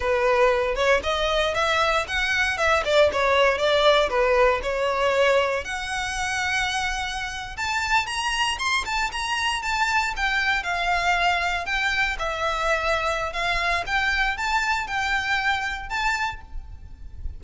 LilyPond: \new Staff \with { instrumentName = "violin" } { \time 4/4 \tempo 4 = 117 b'4. cis''8 dis''4 e''4 | fis''4 e''8 d''8 cis''4 d''4 | b'4 cis''2 fis''4~ | fis''2~ fis''8. a''4 ais''16~ |
ais''8. c'''8 a''8 ais''4 a''4 g''16~ | g''8. f''2 g''4 e''16~ | e''2 f''4 g''4 | a''4 g''2 a''4 | }